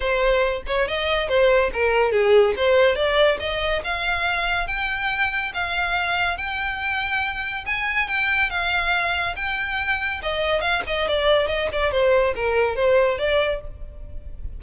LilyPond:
\new Staff \with { instrumentName = "violin" } { \time 4/4 \tempo 4 = 141 c''4. cis''8 dis''4 c''4 | ais'4 gis'4 c''4 d''4 | dis''4 f''2 g''4~ | g''4 f''2 g''4~ |
g''2 gis''4 g''4 | f''2 g''2 | dis''4 f''8 dis''8 d''4 dis''8 d''8 | c''4 ais'4 c''4 d''4 | }